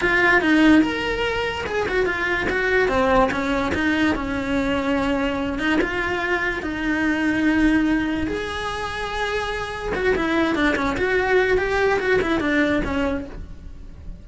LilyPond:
\new Staff \with { instrumentName = "cello" } { \time 4/4 \tempo 4 = 145 f'4 dis'4 ais'2 | gis'8 fis'8 f'4 fis'4 c'4 | cis'4 dis'4 cis'2~ | cis'4. dis'8 f'2 |
dis'1 | gis'1 | fis'8 e'4 d'8 cis'8 fis'4. | g'4 fis'8 e'8 d'4 cis'4 | }